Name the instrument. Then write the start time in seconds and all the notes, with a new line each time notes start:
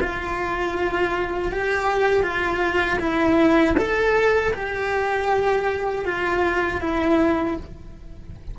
cello
0.00 F4
1.52 G4
2.23 F4
2.99 E4
3.77 A4
4.53 G4
6.05 F4
6.80 E4